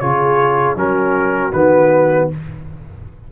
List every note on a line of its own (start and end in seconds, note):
0.00 0.76 C#3
0.00 0.76 F4
0.00 0.77 G#4
0.00 0.76 C#5
0.76 1.52 F#3
0.76 1.52 C#4
0.76 2.32 F#4
0.76 1.53 A#4
1.53 2.29 D#3
1.53 2.31 B3
1.53 2.28 B4